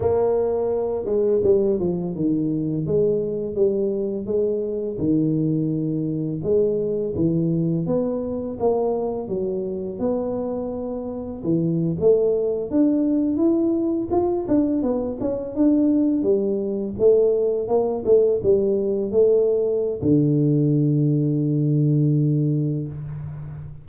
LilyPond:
\new Staff \with { instrumentName = "tuba" } { \time 4/4 \tempo 4 = 84 ais4. gis8 g8 f8 dis4 | gis4 g4 gis4 dis4~ | dis4 gis4 e4 b4 | ais4 fis4 b2 |
e8. a4 d'4 e'4 f'16~ | f'16 d'8 b8 cis'8 d'4 g4 a16~ | a8. ais8 a8 g4 a4~ a16 | d1 | }